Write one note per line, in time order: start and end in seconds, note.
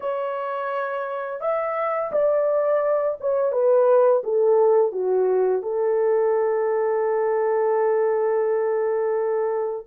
0.00 1.40 C#5
1.41 2.11 E5
2.12 3.18 D5
3.20 3.51 C#5
3.51 4.22 B4
4.24 4.92 A4
4.92 5.62 F#4
5.62 9.86 A4